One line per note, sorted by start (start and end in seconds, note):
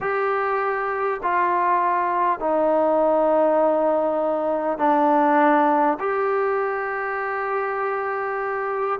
0.01 1.21 G4
1.23 2.39 F4
2.39 4.77 D#4
4.77 5.97 D4
5.99 8.99 G4